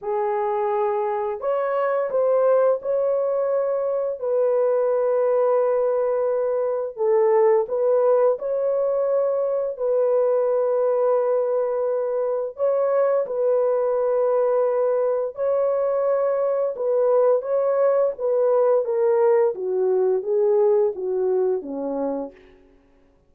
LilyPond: \new Staff \with { instrumentName = "horn" } { \time 4/4 \tempo 4 = 86 gis'2 cis''4 c''4 | cis''2 b'2~ | b'2 a'4 b'4 | cis''2 b'2~ |
b'2 cis''4 b'4~ | b'2 cis''2 | b'4 cis''4 b'4 ais'4 | fis'4 gis'4 fis'4 cis'4 | }